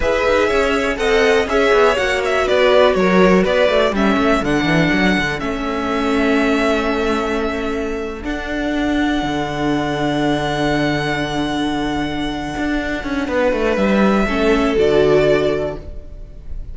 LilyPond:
<<
  \new Staff \with { instrumentName = "violin" } { \time 4/4 \tempo 4 = 122 e''2 fis''4 e''4 | fis''8 e''8 d''4 cis''4 d''4 | e''4 fis''2 e''4~ | e''1~ |
e''8. fis''2.~ fis''16~ | fis''1~ | fis''1 | e''2 d''2 | }
  \new Staff \with { instrumentName = "violin" } { \time 4/4 b'4 cis''4 dis''4 cis''4~ | cis''4 b'4 ais'4 b'4 | a'1~ | a'1~ |
a'1~ | a'1~ | a'2. b'4~ | b'4 a'2. | }
  \new Staff \with { instrumentName = "viola" } { \time 4/4 gis'2 a'4 gis'4 | fis'1 | cis'4 d'2 cis'4~ | cis'1~ |
cis'8. d'2.~ d'16~ | d'1~ | d'1~ | d'4 cis'4 fis'2 | }
  \new Staff \with { instrumentName = "cello" } { \time 4/4 e'8 dis'8 cis'4 c'4 cis'8 b8 | ais4 b4 fis4 b8 a8 | g8 a8 d8 e8 fis8 d8 a4~ | a1~ |
a8. d'2 d4~ d16~ | d1~ | d4. d'4 cis'8 b8 a8 | g4 a4 d2 | }
>>